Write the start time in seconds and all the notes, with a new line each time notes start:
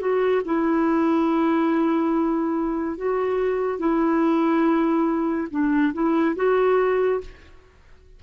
0.00 F#4
0.45 E4
2.97 F#4
3.79 E4
5.51 D4
5.93 E4
6.36 F#4